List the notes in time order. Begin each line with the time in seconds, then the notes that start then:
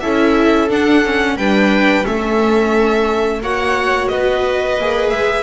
0.00 C#4 E4 A4 E5
0.69 D4 F#5
1.05 C#4
1.37 G3 D4 B4 G5
2.04 A3 C#4 A4 E5
3.42 A#3 F#4 C#5 F#5
4.08 B3 B4 D#5
4.79 A#3 G#4
5.10 G#3 E5